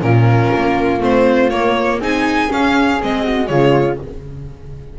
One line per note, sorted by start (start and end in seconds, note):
0.00 0.52 A#2
0.00 0.99 C#4
0.00 2.00 F4
0.00 1.02 A#4
0.56 1.01 A#3
1.01 1.50 A3
1.01 1.50 C4
1.01 1.51 C5
1.50 2.00 A#3
1.50 2.02 A#3
1.50 2.00 C#5
2.00 2.49 C4
2.00 2.49 D#4
2.00 3.23 G#4
2.00 2.53 G#5
2.49 2.99 C#4
2.49 3.02 C#4
2.49 3.02 F5
3.03 3.50 G#3
3.03 3.47 C4
3.03 3.48 D#5
3.23 3.48 F#4
3.47 4.00 C#3
3.47 3.97 G#3
3.47 3.99 F4
3.47 3.97 C#5